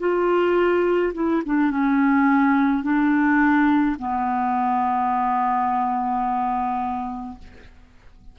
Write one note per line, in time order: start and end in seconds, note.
0.00 1.13 F4
1.14 1.43 E4
1.46 1.71 D4
1.71 2.84 C#4
2.84 3.97 D4
3.99 7.39 B3